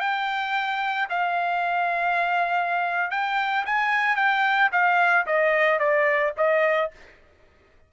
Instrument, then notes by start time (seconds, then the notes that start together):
trumpet
0.00 G5
1.10 F5
3.11 G5
3.66 G#5
4.16 G5
4.72 F5
5.26 D#5
5.79 D5
6.37 D#5